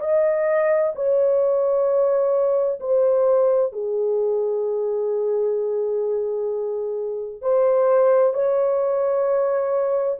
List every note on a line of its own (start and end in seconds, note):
0.00 0.92 D#5
0.95 2.79 C#5
2.80 3.72 C5
3.72 7.41 G#4
7.41 8.33 C5
8.33 10.18 C#5